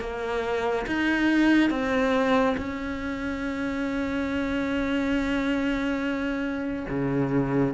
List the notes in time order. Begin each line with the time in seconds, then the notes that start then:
0.00 A#3
0.86 D#4
1.70 C4
2.57 C#4
6.88 C#3